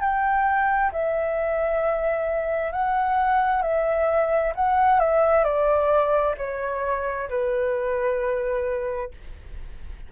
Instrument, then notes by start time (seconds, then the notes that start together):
flute
0.00 G5
0.92 E5
2.72 F#5
3.62 E5
4.55 F#5
4.99 E5
5.43 D5
6.37 C#5
7.29 B4